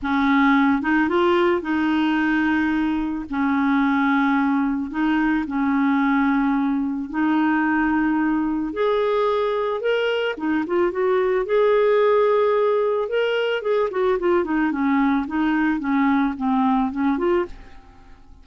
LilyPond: \new Staff \with { instrumentName = "clarinet" } { \time 4/4 \tempo 4 = 110 cis'4. dis'8 f'4 dis'4~ | dis'2 cis'2~ | cis'4 dis'4 cis'2~ | cis'4 dis'2. |
gis'2 ais'4 dis'8 f'8 | fis'4 gis'2. | ais'4 gis'8 fis'8 f'8 dis'8 cis'4 | dis'4 cis'4 c'4 cis'8 f'8 | }